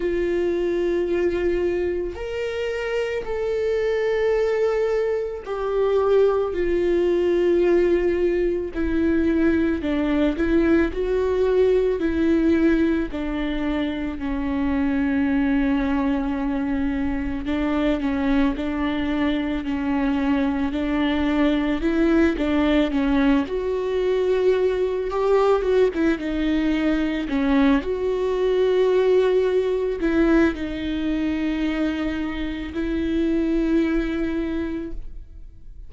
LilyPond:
\new Staff \with { instrumentName = "viola" } { \time 4/4 \tempo 4 = 55 f'2 ais'4 a'4~ | a'4 g'4 f'2 | e'4 d'8 e'8 fis'4 e'4 | d'4 cis'2. |
d'8 cis'8 d'4 cis'4 d'4 | e'8 d'8 cis'8 fis'4. g'8 fis'16 e'16 | dis'4 cis'8 fis'2 e'8 | dis'2 e'2 | }